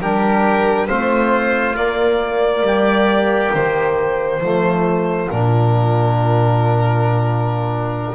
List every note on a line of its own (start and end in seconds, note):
0.00 0.88 G3
0.00 0.88 D4
0.00 0.87 G4
0.00 0.87 A#4
0.87 1.76 A3
0.87 1.75 C4
0.87 2.64 F4
0.87 1.75 C5
1.75 4.40 A#3
1.75 2.61 A#3
1.75 3.53 D5
2.61 3.50 G3
2.61 4.43 G4
3.53 4.40 D#3
3.53 5.29 C5
4.40 5.28 F3
4.40 5.30 A3
4.40 8.15 F4
5.30 8.15 A#2
5.30 8.15 D4
5.30 8.15 A#4